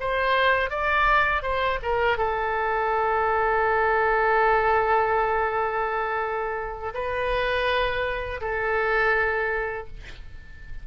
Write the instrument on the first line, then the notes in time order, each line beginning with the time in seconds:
oboe
0.00 C5
0.70 D5
1.42 C5
1.83 A#4
2.18 A4
6.94 B4
8.41 A4